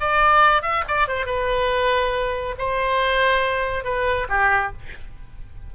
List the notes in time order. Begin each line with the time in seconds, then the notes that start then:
0.00 D5
0.62 E5
0.88 D5
1.08 C5
1.26 B4
2.58 C5
3.84 B4
4.29 G4